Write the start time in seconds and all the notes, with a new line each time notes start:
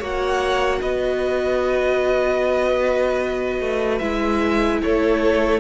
0.00 A#3 F#4 C#5 F#5
0.82 B3 B4 D#5
3.61 A3
3.99 G#3 E4 E5
4.83 A3 A4 C#5